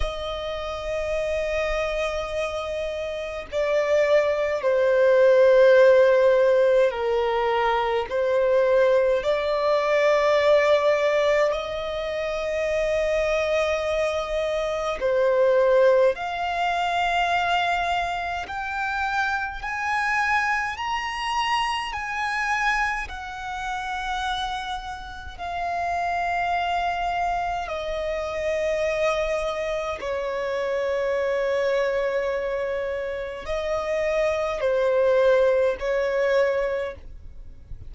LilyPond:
\new Staff \with { instrumentName = "violin" } { \time 4/4 \tempo 4 = 52 dis''2. d''4 | c''2 ais'4 c''4 | d''2 dis''2~ | dis''4 c''4 f''2 |
g''4 gis''4 ais''4 gis''4 | fis''2 f''2 | dis''2 cis''2~ | cis''4 dis''4 c''4 cis''4 | }